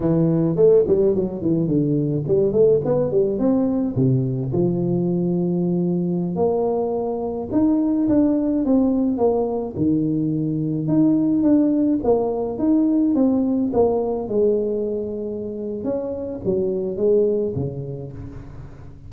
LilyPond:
\new Staff \with { instrumentName = "tuba" } { \time 4/4 \tempo 4 = 106 e4 a8 g8 fis8 e8 d4 | g8 a8 b8 g8 c'4 c4 | f2.~ f16 ais8.~ | ais4~ ais16 dis'4 d'4 c'8.~ |
c'16 ais4 dis2 dis'8.~ | dis'16 d'4 ais4 dis'4 c'8.~ | c'16 ais4 gis2~ gis8. | cis'4 fis4 gis4 cis4 | }